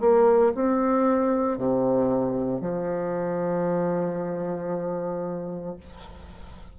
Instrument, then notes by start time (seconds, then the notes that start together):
bassoon
0.00 A#3
0.55 C4
1.58 C3
2.61 F3